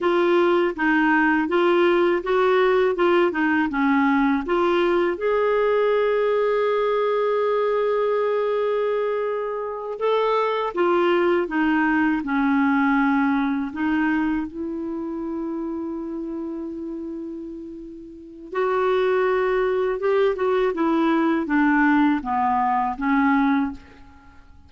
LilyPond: \new Staff \with { instrumentName = "clarinet" } { \time 4/4 \tempo 4 = 81 f'4 dis'4 f'4 fis'4 | f'8 dis'8 cis'4 f'4 gis'4~ | gis'1~ | gis'4. a'4 f'4 dis'8~ |
dis'8 cis'2 dis'4 e'8~ | e'1~ | e'4 fis'2 g'8 fis'8 | e'4 d'4 b4 cis'4 | }